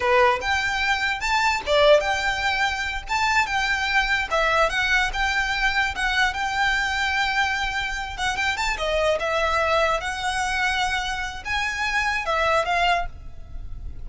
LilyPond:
\new Staff \with { instrumentName = "violin" } { \time 4/4 \tempo 4 = 147 b'4 g''2 a''4 | d''4 g''2~ g''8 a''8~ | a''8 g''2 e''4 fis''8~ | fis''8 g''2 fis''4 g''8~ |
g''1 | fis''8 g''8 a''8 dis''4 e''4.~ | e''8 fis''2.~ fis''8 | gis''2 e''4 f''4 | }